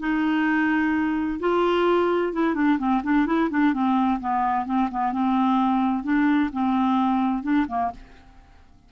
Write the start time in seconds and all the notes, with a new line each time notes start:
0.00 D#4
1.40 F4
2.33 E4
2.55 D4
2.79 C4
3.03 D4
3.26 E4
3.50 D4
3.73 C4
4.20 B3
4.66 C4
4.91 B3
5.12 C4
6.04 D4
6.53 C4
7.43 D4
7.68 A#3